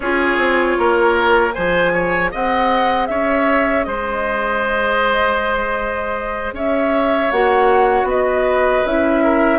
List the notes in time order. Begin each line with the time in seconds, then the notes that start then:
0.00 C#4 F4 G#4 C#5
0.37 C4
0.77 A#3 A#4
1.50 F3 G#4 C5 G#5
1.93 C#5
2.31 C4 D#5 F#5
3.07 C#4 C#5 E5
3.84 G#3 C5 D#5
6.52 C#4 C#5 E5
7.31 A#3 F#4 F#5
8.03 B3 B4 D#5
8.85 C#4 E4 E5
9.23 A#4